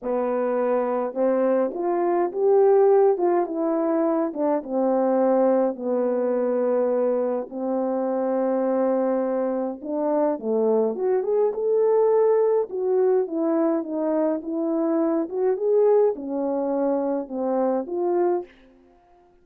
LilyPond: \new Staff \with { instrumentName = "horn" } { \time 4/4 \tempo 4 = 104 b2 c'4 f'4 | g'4. f'8 e'4. d'8 | c'2 b2~ | b4 c'2.~ |
c'4 d'4 a4 fis'8 gis'8 | a'2 fis'4 e'4 | dis'4 e'4. fis'8 gis'4 | cis'2 c'4 f'4 | }